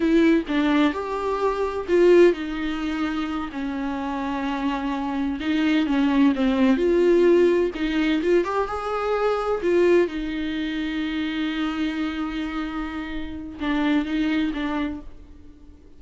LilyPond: \new Staff \with { instrumentName = "viola" } { \time 4/4 \tempo 4 = 128 e'4 d'4 g'2 | f'4 dis'2~ dis'8 cis'8~ | cis'2.~ cis'8 dis'8~ | dis'8 cis'4 c'4 f'4.~ |
f'8 dis'4 f'8 g'8 gis'4.~ | gis'8 f'4 dis'2~ dis'8~ | dis'1~ | dis'4 d'4 dis'4 d'4 | }